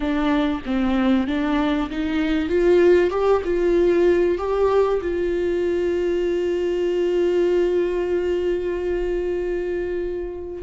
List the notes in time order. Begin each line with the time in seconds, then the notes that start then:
0.00 D4
0.65 C4
1.27 D4
1.89 D#4
2.48 F4
3.10 G4
3.44 F4
4.38 G4
5.01 F4